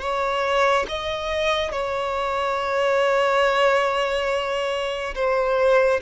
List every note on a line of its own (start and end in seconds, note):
0.00 0.86 C#5
0.88 1.71 D#5
1.71 5.14 C#5
5.14 6.00 C5